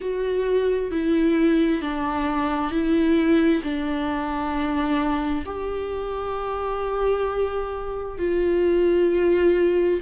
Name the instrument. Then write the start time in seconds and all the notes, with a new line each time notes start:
viola
0.00 F#4
0.91 E4
1.81 D4
2.71 E4
3.63 D4
5.45 G4
8.18 F4